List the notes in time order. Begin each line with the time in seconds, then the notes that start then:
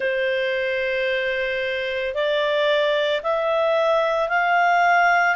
0.00 C5
2.14 D5
3.22 E5
4.29 F5